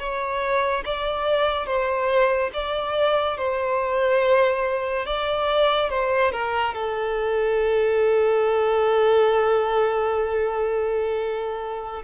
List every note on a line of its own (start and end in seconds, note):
0.00 0.85 C#5
0.86 1.67 D5
1.67 2.51 C5
2.54 3.38 D5
3.38 5.06 C5
5.06 5.90 D5
5.90 6.33 C5
6.33 6.75 A#4
6.75 12.03 A4